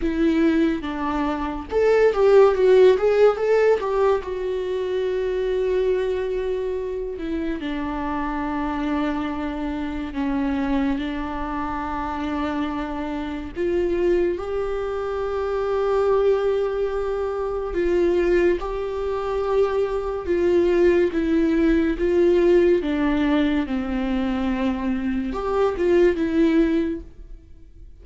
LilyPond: \new Staff \with { instrumentName = "viola" } { \time 4/4 \tempo 4 = 71 e'4 d'4 a'8 g'8 fis'8 gis'8 | a'8 g'8 fis'2.~ | fis'8 e'8 d'2. | cis'4 d'2. |
f'4 g'2.~ | g'4 f'4 g'2 | f'4 e'4 f'4 d'4 | c'2 g'8 f'8 e'4 | }